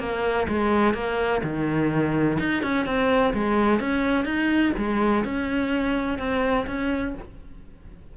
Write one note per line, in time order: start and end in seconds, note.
0.00 0.48 A#3
0.48 0.94 G#3
0.94 1.42 A#3
1.43 2.39 D#3
2.40 2.63 D#4
2.63 2.86 C#4
2.86 3.33 C4
3.34 3.80 G#3
3.80 4.25 C#4
4.25 4.73 D#4
4.78 5.24 G#3
5.24 6.19 C#4
6.19 6.66 C4
6.67 7.15 C#4